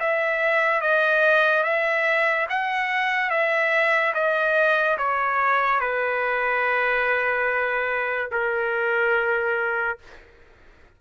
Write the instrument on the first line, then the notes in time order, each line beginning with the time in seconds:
trumpet
0.00 E5
0.81 D#5
1.63 E5
2.49 F#5
3.30 E5
4.14 D#5
4.98 C#5
5.80 B4
8.31 A#4